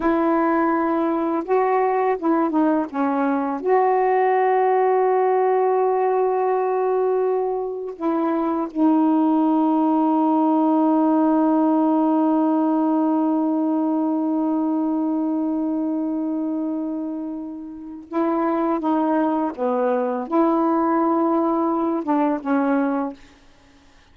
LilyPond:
\new Staff \with { instrumentName = "saxophone" } { \time 4/4 \tempo 4 = 83 e'2 fis'4 e'8 dis'8 | cis'4 fis'2.~ | fis'2. e'4 | dis'1~ |
dis'1~ | dis'1~ | dis'4 e'4 dis'4 b4 | e'2~ e'8 d'8 cis'4 | }